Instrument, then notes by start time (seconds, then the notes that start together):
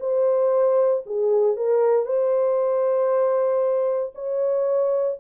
horn
0.00 C5
1.06 G#4
1.57 A#4
2.06 C5
4.15 C#5